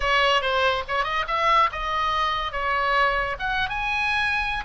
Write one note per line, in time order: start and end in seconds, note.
0.00 0.41 C#5
0.41 0.83 C5
0.88 1.04 C#5
1.04 1.25 D#5
1.27 1.70 E5
1.72 2.51 D#5
2.51 3.36 C#5
3.39 3.69 F#5
3.69 4.64 G#5